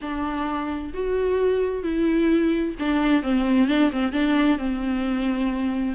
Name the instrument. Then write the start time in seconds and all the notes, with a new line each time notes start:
viola
0.01 D4
0.93 F#4
1.83 E4
2.79 D4
3.22 C4
3.67 D4
3.91 C4
4.12 D4
4.58 C4